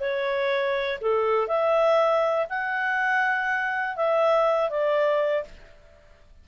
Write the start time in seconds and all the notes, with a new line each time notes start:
0.00 C#5
1.01 A4
1.48 E5
2.50 F#5
3.96 E5
4.70 D5